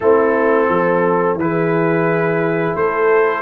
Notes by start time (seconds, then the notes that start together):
0.00 A3 C4 E4 A4
0.68 F3 A4
1.35 E3 E4 B4
1.41 G#4
2.75 A3 A4 C5